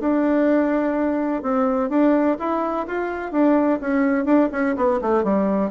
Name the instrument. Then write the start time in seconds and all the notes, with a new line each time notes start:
bassoon
0.00 D4
1.42 C4
1.89 D4
2.39 E4
2.87 F4
3.31 D4
3.80 C#4
4.25 D4
4.52 C#4
4.76 B3
5.01 A3
5.23 G3